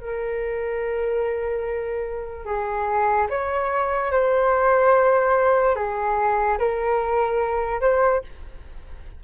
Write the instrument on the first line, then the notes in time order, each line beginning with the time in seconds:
flute
0.00 A#4
2.46 G#4
3.30 C#5
4.12 C5
5.76 G#4
6.59 A#4
7.82 C5